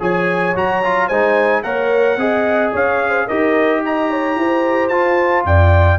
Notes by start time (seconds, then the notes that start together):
0.00 F3 G#4 C#5 G#5
0.56 F#3 F#4 A#5
0.84 F4
1.08 G#3 D#4 C5 G#5
1.63 A#3 A#4 C#5 F#5
2.17 C4 G#4 D#5
2.74 C#4 C#5 F5
3.10 C5
3.27 D#4 G4 A#4 D#5
3.85 D#5 A#5
4.11 C#5
4.36 E4 C5
4.89 F4 A5
5.44 F2 D5 G5